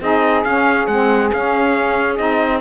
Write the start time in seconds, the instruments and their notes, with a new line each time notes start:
0.00 cello C4, saxophone D#4 G#4, trumpet D#5
0.44 cello C#4, saxophone C#4, trumpet F5
0.86 cello G#3, saxophone C4, trumpet F#5
1.32 saxophone C#4, cello C#4, trumpet F5
2.16 cello C4, saxophone D#4, trumpet D#5